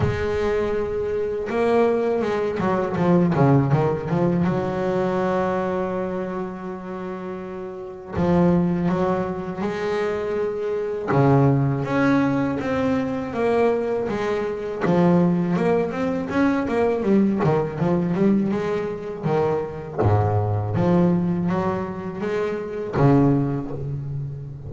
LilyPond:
\new Staff \with { instrumentName = "double bass" } { \time 4/4 \tempo 4 = 81 gis2 ais4 gis8 fis8 | f8 cis8 dis8 f8 fis2~ | fis2. f4 | fis4 gis2 cis4 |
cis'4 c'4 ais4 gis4 | f4 ais8 c'8 cis'8 ais8 g8 dis8 | f8 g8 gis4 dis4 gis,4 | f4 fis4 gis4 cis4 | }